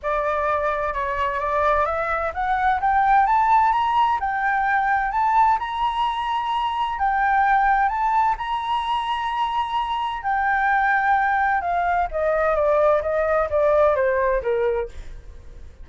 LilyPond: \new Staff \with { instrumentName = "flute" } { \time 4/4 \tempo 4 = 129 d''2 cis''4 d''4 | e''4 fis''4 g''4 a''4 | ais''4 g''2 a''4 | ais''2. g''4~ |
g''4 a''4 ais''2~ | ais''2 g''2~ | g''4 f''4 dis''4 d''4 | dis''4 d''4 c''4 ais'4 | }